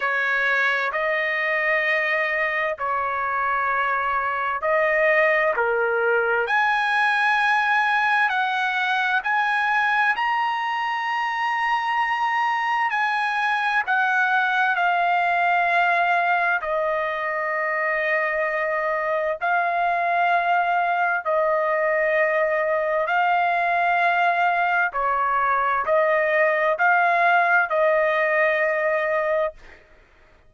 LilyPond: \new Staff \with { instrumentName = "trumpet" } { \time 4/4 \tempo 4 = 65 cis''4 dis''2 cis''4~ | cis''4 dis''4 ais'4 gis''4~ | gis''4 fis''4 gis''4 ais''4~ | ais''2 gis''4 fis''4 |
f''2 dis''2~ | dis''4 f''2 dis''4~ | dis''4 f''2 cis''4 | dis''4 f''4 dis''2 | }